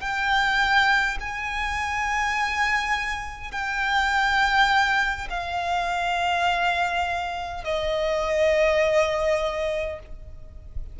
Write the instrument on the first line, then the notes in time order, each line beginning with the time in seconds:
violin
0.00 G5
1.20 G#5
3.51 G5
5.29 F5
7.64 D#5